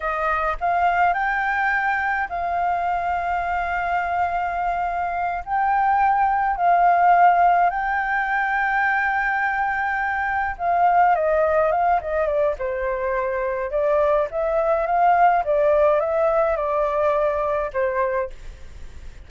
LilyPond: \new Staff \with { instrumentName = "flute" } { \time 4/4 \tempo 4 = 105 dis''4 f''4 g''2 | f''1~ | f''4. g''2 f''8~ | f''4. g''2~ g''8~ |
g''2~ g''8 f''4 dis''8~ | dis''8 f''8 dis''8 d''8 c''2 | d''4 e''4 f''4 d''4 | e''4 d''2 c''4 | }